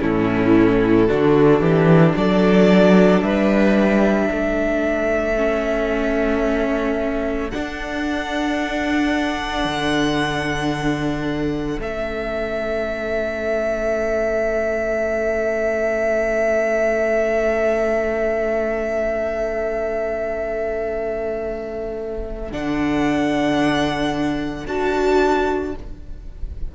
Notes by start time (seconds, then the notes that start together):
0.00 A2 C#4 E4 A4
1.08 D3 D4 F#4
1.60 E3 G4
2.16 F#3 A4 D5
3.22 G3 B4 E5
4.28 A3 A4
5.36 C#4
7.50 D4 F#5
9.65 D3
11.79 A3 C#4 E5
22.52 D3 D4 F#5
24.66 D4 F#4 A5